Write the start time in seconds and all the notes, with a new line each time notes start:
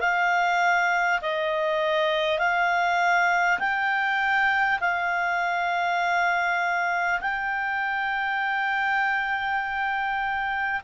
0.00 F5
1.22 D#5
2.39 F5
3.59 G5
4.81 F5
7.21 G5